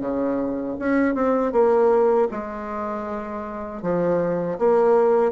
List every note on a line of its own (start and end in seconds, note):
0.00 0.76 C#3
0.79 1.14 C#4
1.14 1.52 C4
1.52 2.28 A#3
2.31 3.82 G#3
3.82 4.58 F3
4.58 5.32 A#3